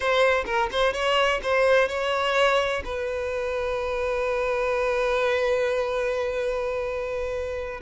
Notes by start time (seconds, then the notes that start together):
0.00 C5
0.46 A#4
0.71 C5
0.93 C#5
1.42 C5
1.88 C#5
2.84 B4